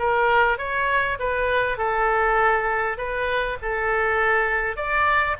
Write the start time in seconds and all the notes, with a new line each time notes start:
0.00 A#4
0.59 C#5
1.20 B4
1.78 A4
2.98 B4
3.62 A4
4.77 D5